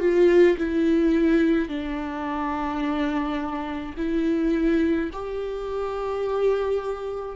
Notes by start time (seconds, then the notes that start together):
0.00 F4
0.58 E4
1.69 D4
3.97 E4
5.13 G4